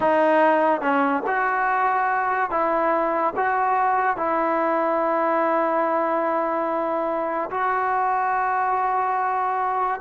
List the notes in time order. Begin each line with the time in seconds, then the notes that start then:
0.00 D#4
0.81 C#4
1.27 F#4
2.50 E4
3.36 F#4
4.16 E4
7.50 F#4